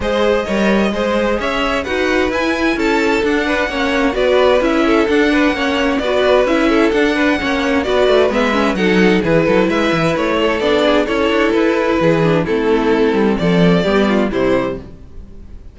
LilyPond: <<
  \new Staff \with { instrumentName = "violin" } { \time 4/4 \tempo 4 = 130 dis''2. e''4 | fis''4 gis''4 a''4 fis''4~ | fis''4 d''4 e''4 fis''4~ | fis''4 d''4 e''4 fis''4~ |
fis''4 d''4 e''4 fis''4 | b'4 e''4 cis''4 d''4 | cis''4 b'2 a'4~ | a'4 d''2 c''4 | }
  \new Staff \with { instrumentName = "violin" } { \time 4/4 c''4 cis''4 c''4 cis''4 | b'2 a'4. b'8 | cis''4 b'4. a'4 b'8 | cis''4 b'4. a'4 b'8 |
cis''4 b'2 a'4 | gis'8 a'8 b'4. a'4 gis'8 | a'2 gis'4 e'4~ | e'4 a'4 g'8 f'8 e'4 | }
  \new Staff \with { instrumentName = "viola" } { \time 4/4 gis'4 ais'4 gis'2 | fis'4 e'2 d'4 | cis'4 fis'4 e'4 d'4 | cis'4 fis'4 e'4 d'4 |
cis'4 fis'4 b8 cis'8 dis'4 | e'2. d'4 | e'2~ e'8 d'8 c'4~ | c'2 b4 g4 | }
  \new Staff \with { instrumentName = "cello" } { \time 4/4 gis4 g4 gis4 cis'4 | dis'4 e'4 cis'4 d'4 | ais4 b4 cis'4 d'4 | ais4 b4 cis'4 d'4 |
ais4 b8 a8 gis4 fis4 | e8 fis8 gis8 e8 a4 b4 | cis'8 d'8 e'4 e4 a4~ | a8 g8 f4 g4 c4 | }
>>